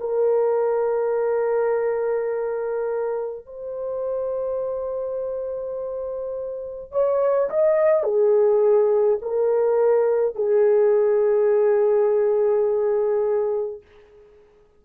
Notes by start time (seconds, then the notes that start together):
0.00 A#4
3.46 C5
6.92 C#5
7.49 D#5
8.03 G#4
9.22 A#4
10.35 G#4